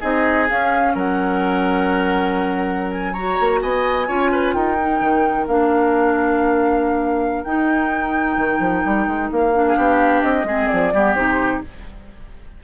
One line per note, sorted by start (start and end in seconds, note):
0.00 0.50 C4
0.00 0.47 D#4
0.00 0.93 G#4
0.00 0.48 D#5
0.49 3.16 C#4
0.49 0.95 C#4
0.49 0.96 F5
0.95 3.39 F#3
0.95 3.13 A#4
0.95 2.91 F#5
2.91 3.13 G#5
3.13 4.07 F#4
3.13 3.60 C#5
3.13 3.60 A#5
3.40 3.62 A#3
3.61 4.08 B3
3.61 4.07 D#5
3.61 4.53 G#5
4.07 4.54 C#4
4.07 4.77 F4
4.07 4.30 C#5
4.32 4.55 B4
4.53 5.00 D#4
4.53 9.66 A#4
4.53 5.46 G5
4.80 5.48 D#4
5.00 5.47 D#3
5.47 7.44 A#3
5.47 7.45 D4
5.47 7.44 F5
7.44 8.37 D#4
7.44 9.53 D#4
7.44 9.30 G5
8.37 8.59 D#3
8.59 8.83 F3
8.85 9.07 G3
9.07 9.30 G#3
9.31 9.76 A#3
9.31 10.22 F5
9.53 10.46 D4
9.66 9.77 G#4
9.76 10.23 B3
9.76 10.47 G4
10.22 10.44 C4
10.22 10.68 D#5
10.44 10.67 G#3
10.44 10.93 C4
10.44 10.93 G#4
10.68 10.93 F3
10.68 11.14 D5
10.93 11.16 G3
10.93 11.16 B3
10.93 11.63 G4
11.15 11.62 C3
11.15 11.62 D#4
11.15 11.61 C5